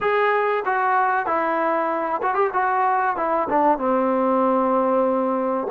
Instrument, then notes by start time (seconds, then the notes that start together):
trombone
0.01 G#4
0.65 F#4
1.26 E4
2.22 F#4
2.34 G4
2.53 F#4
3.16 E4
3.49 D4
3.78 C4